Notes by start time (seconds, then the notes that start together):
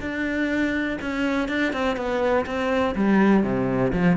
0.00 D4
1.01 C#4
1.48 D4
1.73 C4
1.96 B3
2.46 C4
2.95 G3
3.43 C3
3.92 F3